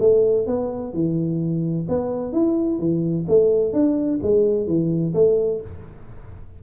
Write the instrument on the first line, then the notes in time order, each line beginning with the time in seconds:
tuba
0.00 A3
0.46 B3
0.93 E3
1.89 B3
2.33 E4
2.79 E3
3.28 A3
3.73 D4
4.23 G#3
4.67 E3
5.14 A3